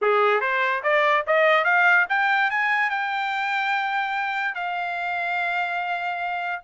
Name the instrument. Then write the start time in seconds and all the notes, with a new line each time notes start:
trumpet
0.01 G#4
0.40 C5
0.83 D5
1.26 D#5
1.64 F5
2.09 G5
2.50 G#5
2.90 G5
4.54 F5